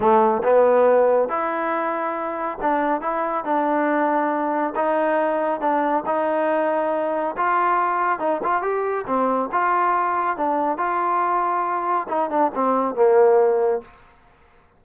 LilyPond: \new Staff \with { instrumentName = "trombone" } { \time 4/4 \tempo 4 = 139 a4 b2 e'4~ | e'2 d'4 e'4 | d'2. dis'4~ | dis'4 d'4 dis'2~ |
dis'4 f'2 dis'8 f'8 | g'4 c'4 f'2 | d'4 f'2. | dis'8 d'8 c'4 ais2 | }